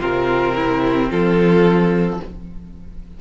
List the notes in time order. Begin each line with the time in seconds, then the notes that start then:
0.00 C3 C4 F4 A#4
0.56 E4
1.10 F3 F4 A4